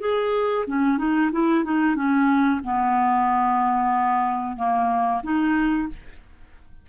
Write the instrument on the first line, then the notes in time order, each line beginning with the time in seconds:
clarinet
0.00 G#4
0.67 C#4
0.98 D#4
1.32 E4
1.64 D#4
1.95 C#4
2.64 B3
4.57 A#3
5.23 D#4